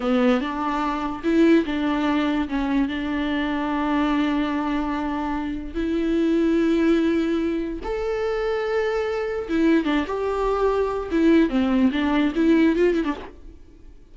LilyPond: \new Staff \with { instrumentName = "viola" } { \time 4/4 \tempo 4 = 146 b4 d'2 e'4 | d'2 cis'4 d'4~ | d'1~ | d'2 e'2~ |
e'2. a'4~ | a'2. e'4 | d'8 g'2~ g'8 e'4 | c'4 d'4 e'4 f'8 e'16 d'16 | }